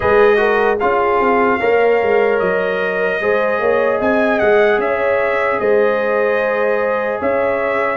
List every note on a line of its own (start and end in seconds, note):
0.00 0.82 G#3
0.00 0.37 G#4
0.00 0.37 B4
0.00 0.78 D#5
0.37 0.77 F#4
0.37 0.79 A#4
0.79 1.19 C#4
0.79 1.60 F4
0.79 1.59 G#4
0.79 2.39 F5
1.19 1.59 C4
1.59 2.02 A#3
1.59 3.20 A#4
1.59 3.19 C#5
2.02 2.40 G#3
2.39 3.20 F#3
2.39 3.99 D#5
3.20 3.59 G#3
3.20 7.97 G#4
3.20 3.60 C5
3.59 3.99 A#3
3.59 3.98 C#5
3.98 4.40 C4
3.98 4.78 D#5
3.98 4.39 G#5
4.39 4.78 G#3
4.39 4.79 F#5
4.78 5.58 C#4
4.78 5.60 C#5
4.78 5.59 E5
5.59 7.20 G#3
5.59 7.20 C5
5.59 7.19 D#5
7.20 7.97 C#4
7.20 7.97 C#5
7.20 7.97 E5